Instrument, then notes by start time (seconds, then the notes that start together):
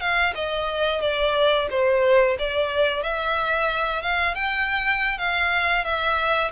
violin
0.00 F5
0.35 D#5
1.01 D5
1.70 C5
2.39 D5
3.02 E5
4.02 F5
4.35 G5
5.18 F5
5.84 E5